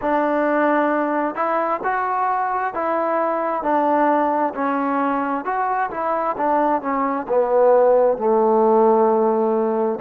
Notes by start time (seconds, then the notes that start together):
0.01 D4
1.35 E4
1.83 F#4
2.74 E4
3.62 D4
4.54 C#4
5.44 F#4
5.90 E4
6.37 D4
6.81 C#4
7.28 B3
8.17 A3